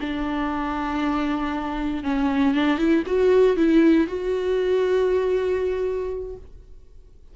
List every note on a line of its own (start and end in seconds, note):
0.00 2.03 D4
2.04 2.55 C#4
2.55 2.78 D4
2.78 3.03 E4
3.06 3.57 F#4
3.57 4.07 E4
4.07 6.36 F#4